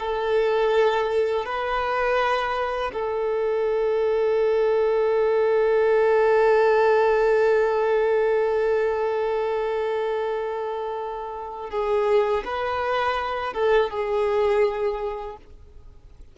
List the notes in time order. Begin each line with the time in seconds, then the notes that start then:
0.00 A4
1.46 B4
2.93 A4
11.70 G#4
12.45 B4
13.54 A4
13.91 G#4